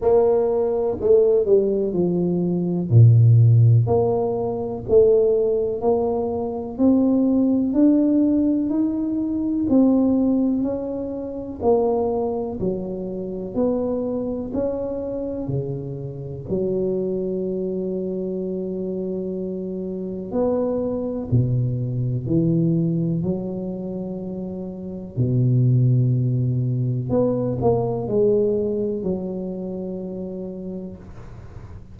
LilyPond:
\new Staff \with { instrumentName = "tuba" } { \time 4/4 \tempo 4 = 62 ais4 a8 g8 f4 ais,4 | ais4 a4 ais4 c'4 | d'4 dis'4 c'4 cis'4 | ais4 fis4 b4 cis'4 |
cis4 fis2.~ | fis4 b4 b,4 e4 | fis2 b,2 | b8 ais8 gis4 fis2 | }